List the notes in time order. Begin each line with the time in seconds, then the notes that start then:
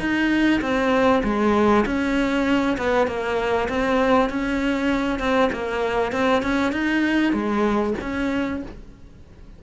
0.00 D#4
0.62 C4
1.24 G#3
1.86 C#4
2.78 B3
3.08 A#3
3.69 C4
4.30 C#4
5.20 C4
5.53 A#3
6.13 C4
6.43 C#4
6.73 D#4
7.33 G#3
8.01 C#4